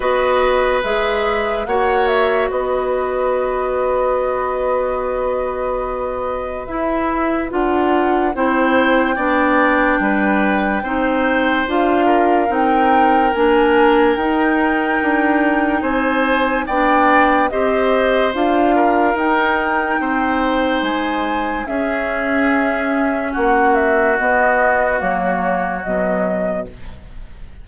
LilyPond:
<<
  \new Staff \with { instrumentName = "flute" } { \time 4/4 \tempo 4 = 72 dis''4 e''4 fis''8 e''8 dis''4~ | dis''1 | e''4 fis''4 g''2~ | g''2 f''4 g''4 |
gis''4 g''2 gis''4 | g''4 dis''4 f''4 g''4~ | g''4 gis''4 e''2 | fis''8 e''8 dis''4 cis''4 dis''4 | }
  \new Staff \with { instrumentName = "oboe" } { \time 4/4 b'2 cis''4 b'4~ | b'1~ | b'2 c''4 d''4 | b'4 c''4. ais'4.~ |
ais'2. c''4 | d''4 c''4. ais'4. | c''2 gis'2 | fis'1 | }
  \new Staff \with { instrumentName = "clarinet" } { \time 4/4 fis'4 gis'4 fis'2~ | fis'1 | e'4 f'4 e'4 d'4~ | d'4 dis'4 f'4 dis'4 |
d'4 dis'2. | d'4 g'4 f'4 dis'4~ | dis'2 cis'2~ | cis'4 b4 ais4 fis4 | }
  \new Staff \with { instrumentName = "bassoon" } { \time 4/4 b4 gis4 ais4 b4~ | b1 | e'4 d'4 c'4 b4 | g4 c'4 d'4 c'4 |
ais4 dis'4 d'4 c'4 | b4 c'4 d'4 dis'4 | c'4 gis4 cis'2 | ais4 b4 fis4 b,4 | }
>>